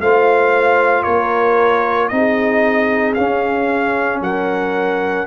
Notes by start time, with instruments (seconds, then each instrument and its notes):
0.00 tuba A3, trombone F4, horn C5, trumpet F5
1.03 tuba A#3, horn A#4, trumpet C#5
2.08 tuba C4, trombone D#4, trumpet D#5
2.15 horn G#4
3.14 trombone C#4, tuba C#4, trumpet F5
4.20 tuba F#3, horn A#4, trumpet F#5